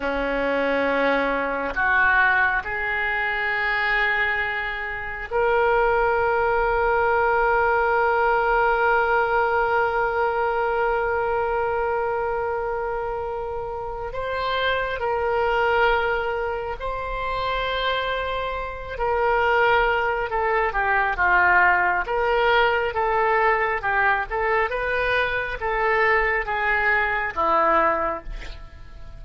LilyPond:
\new Staff \with { instrumentName = "oboe" } { \time 4/4 \tempo 4 = 68 cis'2 fis'4 gis'4~ | gis'2 ais'2~ | ais'1~ | ais'1 |
c''4 ais'2 c''4~ | c''4. ais'4. a'8 g'8 | f'4 ais'4 a'4 g'8 a'8 | b'4 a'4 gis'4 e'4 | }